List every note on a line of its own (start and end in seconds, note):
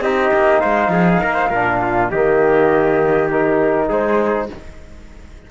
0.00 0.30 C4
0.00 1.52 D#4
0.00 0.61 G4
0.00 0.59 D#5
0.33 0.63 A#3
0.59 0.88 G#3
0.59 0.90 C5
0.59 2.08 F5
0.88 1.18 F3
0.88 1.21 G#4
1.21 1.50 A#3
1.21 1.33 A#4
1.33 1.48 C5
1.49 2.10 A#2
1.49 2.12 D4
1.49 1.79 A#4
1.81 2.11 F4
2.10 3.89 D#3
2.10 3.31 A#3
2.10 3.88 G4
2.10 3.29 D#5
3.31 4.49 D#4
3.31 3.90 A#4
3.88 4.49 G#3
3.88 4.48 G#4
3.88 4.50 C5